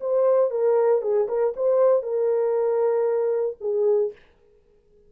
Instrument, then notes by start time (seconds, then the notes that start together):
horn
0.00 C5
0.50 A#4
1.01 G#4
1.28 A#4
1.56 C5
2.02 A#4
3.60 G#4